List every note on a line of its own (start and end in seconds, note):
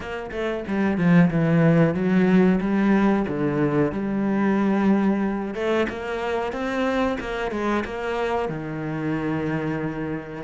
0.00 0.30 A#3
0.31 0.63 A3
0.67 0.97 G3
0.97 1.30 F3
1.30 1.94 E3
1.94 2.59 F#3
2.60 3.25 G3
3.28 3.92 D3
3.92 5.54 G3
5.54 5.86 A3
5.89 6.52 A#3
6.52 7.17 C4
7.19 7.51 A#3
7.51 7.83 G#3
7.84 8.48 A#3
8.48 10.43 D#3